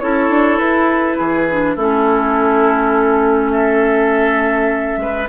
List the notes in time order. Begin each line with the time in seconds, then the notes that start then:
0.00 C#4 E4 A4 C#5
0.29 D4
0.58 E4 B4
1.18 E3 G#4
1.51 D4
1.76 A3 C#4 E4 A4
3.51 A4 E5
4.97 G#3 B4